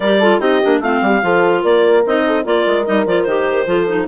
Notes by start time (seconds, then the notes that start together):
0.00 G3 G4 A#4 D5
0.19 F4 A4
0.40 C4 D#4 G4 D#5
0.62 A#3 D4
0.79 A3 C4 F4 F5
1.01 G3 G4
1.22 F3 F4 A4
1.61 A#3 A#4 D5
2.06 C4 D#4 D#5
2.26 A4
2.43 A#3 F4 A#4 D5
2.66 G#3
2.85 G3 D#4 D#5
3.06 F3 F4 D5
3.22 D#3 G4 C5
3.66 F3 F4 A4
3.87 D#4